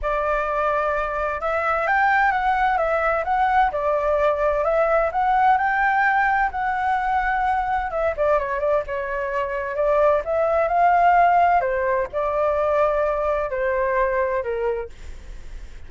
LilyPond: \new Staff \with { instrumentName = "flute" } { \time 4/4 \tempo 4 = 129 d''2. e''4 | g''4 fis''4 e''4 fis''4 | d''2 e''4 fis''4 | g''2 fis''2~ |
fis''4 e''8 d''8 cis''8 d''8 cis''4~ | cis''4 d''4 e''4 f''4~ | f''4 c''4 d''2~ | d''4 c''2 ais'4 | }